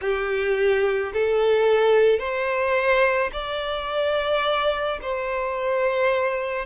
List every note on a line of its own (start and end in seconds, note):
0.01 1.12 G4
1.13 2.19 A4
2.19 3.30 C5
3.32 4.99 D5
5.02 6.65 C5